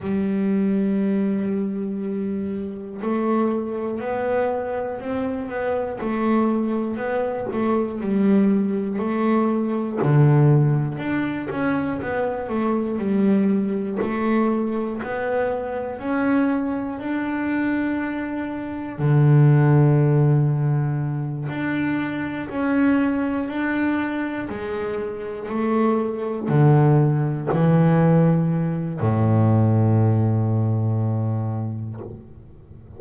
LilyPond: \new Staff \with { instrumentName = "double bass" } { \time 4/4 \tempo 4 = 60 g2. a4 | b4 c'8 b8 a4 b8 a8 | g4 a4 d4 d'8 cis'8 | b8 a8 g4 a4 b4 |
cis'4 d'2 d4~ | d4. d'4 cis'4 d'8~ | d'8 gis4 a4 d4 e8~ | e4 a,2. | }